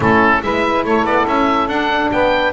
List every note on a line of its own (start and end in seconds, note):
0.00 0.41 A3
0.00 0.42 C#4
0.00 0.42 E4
0.00 0.43 A4
0.42 0.84 G#3
0.42 1.68 E4
0.42 0.86 B4
0.42 0.85 E5
0.84 1.04 A3
0.84 2.12 A4
0.84 1.05 C#5
1.04 1.25 B3
1.04 1.26 D5
1.26 1.67 C#4
1.26 1.68 E5
1.67 2.09 D4
1.67 2.53 D4
1.67 2.10 F#5
2.11 2.53 B3
2.11 2.53 B4
2.11 2.53 G5